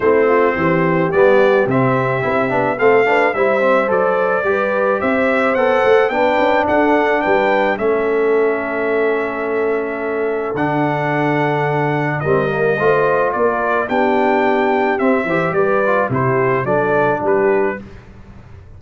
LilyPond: <<
  \new Staff \with { instrumentName = "trumpet" } { \time 4/4 \tempo 4 = 108 c''2 d''4 e''4~ | e''4 f''4 e''4 d''4~ | d''4 e''4 fis''4 g''4 | fis''4 g''4 e''2~ |
e''2. fis''4~ | fis''2 dis''2 | d''4 g''2 e''4 | d''4 c''4 d''4 b'4 | }
  \new Staff \with { instrumentName = "horn" } { \time 4/4 e'8 f'8 g'2.~ | g'4 a'8 b'8 c''2 | b'4 c''2 b'4 | a'4 b'4 a'2~ |
a'1~ | a'2 ais'4 c''4 | ais'4 g'2~ g'8 c''8 | b'4 g'4 a'4 g'4 | }
  \new Staff \with { instrumentName = "trombone" } { \time 4/4 c'2 b4 c'4 | e'8 d'8 c'8 d'8 e'8 c'8 a'4 | g'2 a'4 d'4~ | d'2 cis'2~ |
cis'2. d'4~ | d'2 c'8 ais8 f'4~ | f'4 d'2 c'8 g'8~ | g'8 f'8 e'4 d'2 | }
  \new Staff \with { instrumentName = "tuba" } { \time 4/4 a4 e4 g4 c4 | c'8 b8 a4 g4 fis4 | g4 c'4 b8 a8 b8 cis'8 | d'4 g4 a2~ |
a2. d4~ | d2 g4 a4 | ais4 b2 c'8 e8 | g4 c4 fis4 g4 | }
>>